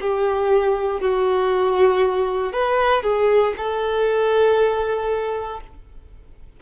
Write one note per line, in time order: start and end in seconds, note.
0.00 1.00 G4
1.00 2.52 F#4
2.52 3.02 B4
3.02 3.53 G#4
3.56 5.60 A4